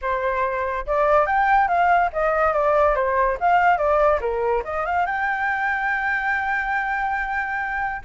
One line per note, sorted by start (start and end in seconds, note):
0.01 0.86 C5
0.86 1.26 D5
1.26 1.67 G5
1.67 2.10 F5
2.12 2.52 D#5
2.52 2.95 D5
2.95 3.37 C5
3.40 3.77 F5
3.77 4.19 D5
4.20 4.63 A#4
4.64 4.85 D#5
4.85 5.06 F5
5.06 8.01 G5